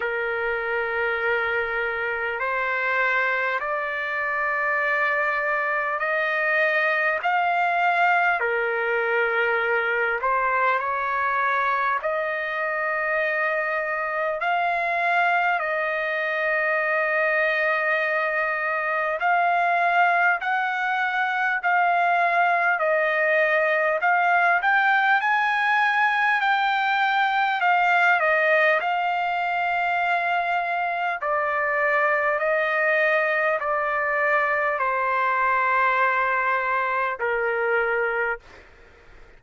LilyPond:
\new Staff \with { instrumentName = "trumpet" } { \time 4/4 \tempo 4 = 50 ais'2 c''4 d''4~ | d''4 dis''4 f''4 ais'4~ | ais'8 c''8 cis''4 dis''2 | f''4 dis''2. |
f''4 fis''4 f''4 dis''4 | f''8 g''8 gis''4 g''4 f''8 dis''8 | f''2 d''4 dis''4 | d''4 c''2 ais'4 | }